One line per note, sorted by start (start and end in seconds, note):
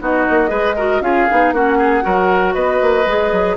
0.00 0.26 B3
0.00 0.47 D#4
0.00 0.50 F#4
0.00 1.02 D#5
0.30 0.50 A#3
0.47 1.01 G#3
0.47 0.73 G#4
0.47 0.75 B4
0.76 1.02 F#4
0.76 1.01 A#4
1.01 1.26 C#4
1.01 1.27 F4
1.01 1.54 G#4
1.01 1.53 F5
1.29 1.52 B3
1.29 1.55 D#4
1.52 2.03 A#3
1.52 2.02 C#4
1.52 1.78 F#4
1.52 2.54 F#5
1.78 2.03 G#4
2.02 2.55 F#3
2.02 3.03 F#4
2.02 2.54 A#4
2.54 2.81 B3
2.54 3.56 B4
2.54 3.56 D#5
2.81 3.06 A#3
3.06 3.32 G#3
3.06 3.57 G#4
3.32 3.57 F#3